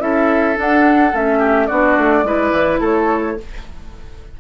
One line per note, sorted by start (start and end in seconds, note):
0.00 0.56 C#4
0.00 0.55 E4
0.00 1.39 A4
0.00 0.57 E5
0.55 1.11 D4
0.55 1.13 D4
0.55 1.16 F#5
1.13 1.70 A3
1.13 1.70 C#4
1.13 1.67 E5
1.39 1.67 G4
1.67 1.98 B3
1.67 2.25 D4
1.67 2.24 F#4
1.67 2.79 D5
1.98 2.23 A3
2.23 2.51 G#3
2.23 3.37 E4
2.23 2.80 B4
2.52 2.80 E3
2.80 3.37 A3
2.80 3.37 A4
2.80 3.40 C#5